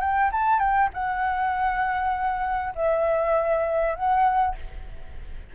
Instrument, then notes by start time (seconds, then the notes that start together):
flute
0.00 G5
0.32 A5
0.59 G5
0.94 F#5
2.75 E5
3.95 F#5